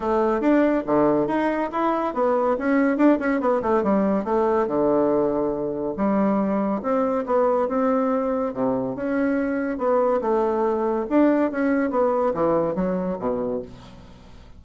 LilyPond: \new Staff \with { instrumentName = "bassoon" } { \time 4/4 \tempo 4 = 141 a4 d'4 d4 dis'4 | e'4 b4 cis'4 d'8 cis'8 | b8 a8 g4 a4 d4~ | d2 g2 |
c'4 b4 c'2 | c4 cis'2 b4 | a2 d'4 cis'4 | b4 e4 fis4 b,4 | }